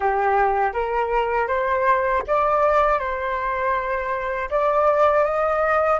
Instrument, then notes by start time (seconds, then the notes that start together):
flute
0.00 G4
0.73 A#4
1.47 C5
2.27 D5
2.99 C5
4.50 D5
5.24 D#5